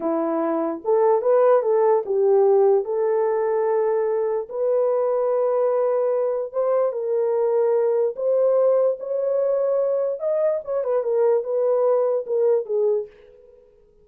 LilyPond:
\new Staff \with { instrumentName = "horn" } { \time 4/4 \tempo 4 = 147 e'2 a'4 b'4 | a'4 g'2 a'4~ | a'2. b'4~ | b'1 |
c''4 ais'2. | c''2 cis''2~ | cis''4 dis''4 cis''8 b'8 ais'4 | b'2 ais'4 gis'4 | }